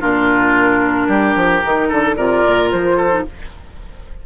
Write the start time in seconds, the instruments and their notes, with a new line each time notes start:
0.00 bassoon A#2, clarinet D4, oboe F4, flute A#4
1.07 bassoon G3, oboe G4
1.35 bassoon F3
1.63 bassoon D#3, clarinet D#4
1.88 bassoon D3, oboe A4
2.15 bassoon C3, clarinet F4, oboe A#4, flute D5
2.46 bassoon A#2
2.71 bassoon F3, flute C5
2.96 oboe A4
3.10 clarinet D#4